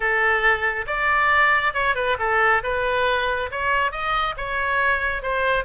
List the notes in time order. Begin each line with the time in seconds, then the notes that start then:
0.00 A4
0.86 D5
1.73 C#5
1.95 B4
2.19 A4
2.63 B4
3.51 C#5
3.91 D#5
4.37 C#5
5.22 C5